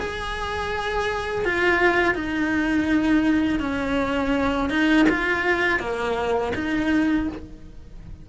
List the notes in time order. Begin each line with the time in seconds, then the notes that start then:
0.00 G#4
1.45 F4
2.15 D#4
3.60 C#4
4.70 D#4
5.10 F4
5.80 A#3
6.55 D#4